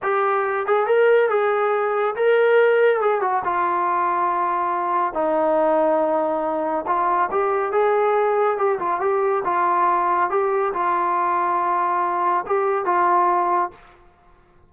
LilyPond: \new Staff \with { instrumentName = "trombone" } { \time 4/4 \tempo 4 = 140 g'4. gis'8 ais'4 gis'4~ | gis'4 ais'2 gis'8 fis'8 | f'1 | dis'1 |
f'4 g'4 gis'2 | g'8 f'8 g'4 f'2 | g'4 f'2.~ | f'4 g'4 f'2 | }